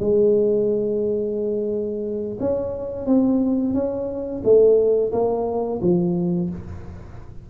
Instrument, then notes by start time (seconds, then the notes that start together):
tuba
0.00 G#3
2.40 C#4
3.06 C4
3.74 C#4
4.44 A3
5.13 A#3
5.82 F3